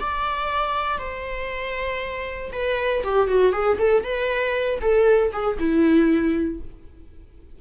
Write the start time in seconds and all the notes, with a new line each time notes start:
0.00 D5
0.98 C5
2.52 B4
3.03 G4
3.28 F#4
3.52 G#4
3.78 A4
4.03 B4
4.81 A4
5.32 G#4
5.58 E4